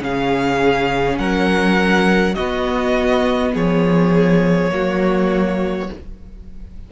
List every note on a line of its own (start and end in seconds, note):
0.00 1.18 C#3
0.00 2.35 C#4
0.00 1.20 G#4
0.00 1.18 F5
1.18 2.36 F#3
1.18 2.35 A#4
1.18 2.35 F#5
2.35 4.70 B3
2.35 3.55 B3
2.35 3.53 F#4
2.35 3.52 D#5
3.53 4.71 F3
3.53 4.71 G#4
3.53 5.91 C#5
4.70 5.89 F#3
4.70 5.88 A#3
4.70 5.92 F#4